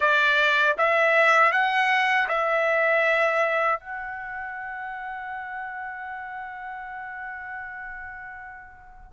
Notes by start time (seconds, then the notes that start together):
0.00 D5
0.77 E5
1.52 F#5
2.28 E5
3.79 F#5